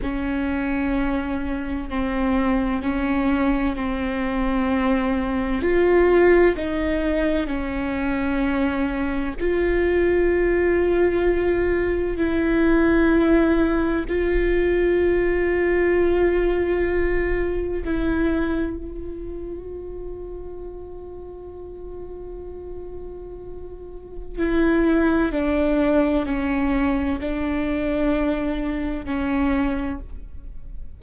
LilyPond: \new Staff \with { instrumentName = "viola" } { \time 4/4 \tempo 4 = 64 cis'2 c'4 cis'4 | c'2 f'4 dis'4 | cis'2 f'2~ | f'4 e'2 f'4~ |
f'2. e'4 | f'1~ | f'2 e'4 d'4 | cis'4 d'2 cis'4 | }